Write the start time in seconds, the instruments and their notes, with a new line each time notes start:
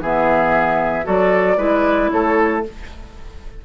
0.00 bassoon E3, clarinet B3, oboe G#4, flute E5
1.04 bassoon F#3, clarinet F#4, oboe A4, flute D5
1.57 bassoon G#3, clarinet E4, oboe B4
2.11 bassoon A3, oboe A4, flute C#5